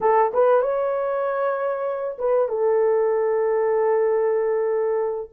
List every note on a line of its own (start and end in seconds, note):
0.00 0.32 A4
0.33 0.61 B4
0.61 2.17 C#5
2.18 2.48 B4
2.48 5.30 A4